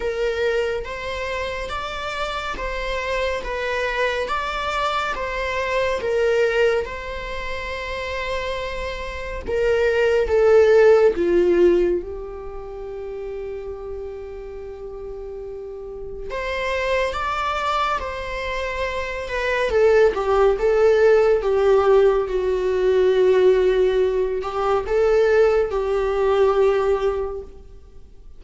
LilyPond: \new Staff \with { instrumentName = "viola" } { \time 4/4 \tempo 4 = 70 ais'4 c''4 d''4 c''4 | b'4 d''4 c''4 ais'4 | c''2. ais'4 | a'4 f'4 g'2~ |
g'2. c''4 | d''4 c''4. b'8 a'8 g'8 | a'4 g'4 fis'2~ | fis'8 g'8 a'4 g'2 | }